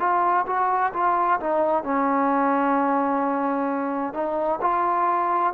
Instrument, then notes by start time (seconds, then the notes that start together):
trombone
0.00 F4
0.47 F#4
0.94 F4
1.41 D#4
1.84 C#4
4.14 D#4
4.62 F4